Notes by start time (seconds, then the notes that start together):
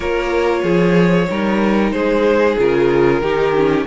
0.00 A#3 F4 A#4 C#5
0.62 F3 G#4
1.30 G3 D#4 A#4
1.91 G#3 G#4 C5
2.58 C#3 F4 A#4
3.21 D#3 D#4 G4
3.56 C#4